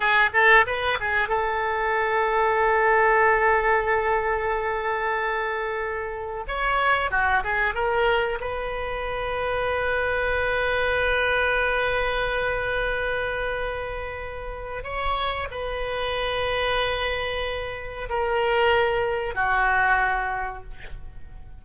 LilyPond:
\new Staff \with { instrumentName = "oboe" } { \time 4/4 \tempo 4 = 93 gis'8 a'8 b'8 gis'8 a'2~ | a'1~ | a'2 cis''4 fis'8 gis'8 | ais'4 b'2.~ |
b'1~ | b'2. cis''4 | b'1 | ais'2 fis'2 | }